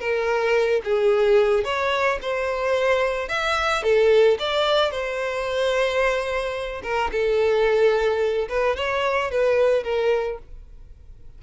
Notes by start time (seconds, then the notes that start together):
0.00 A#4
0.85 G#4
1.64 C#5
2.22 C5
3.29 E5
3.83 A4
4.39 D5
4.91 C5
6.83 A#4
7.12 A4
8.49 B4
8.77 C#5
9.31 B4
9.84 A#4